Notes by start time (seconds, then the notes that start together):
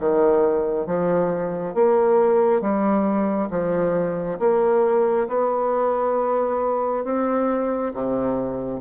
0.00 D#3
0.87 F3
1.74 A#3
2.61 G3
3.51 F3
4.39 A#3
5.28 B3
7.05 C4
7.94 C3